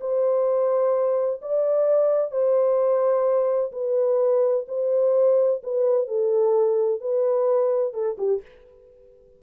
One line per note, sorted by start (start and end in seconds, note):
0.00 1.41 C5
1.41 2.31 D5
2.31 3.71 C5
3.72 4.66 B4
4.68 5.61 C5
5.63 6.07 B4
6.07 7.01 A4
7.01 7.93 B4
7.93 8.16 A4
8.18 8.41 G4